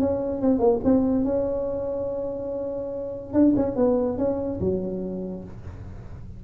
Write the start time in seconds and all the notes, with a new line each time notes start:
0.00 C#4
0.42 C4
0.59 A#3
0.84 C4
1.25 C#4
3.34 D4
3.56 C#4
3.76 B3
4.18 C#4
4.60 F#3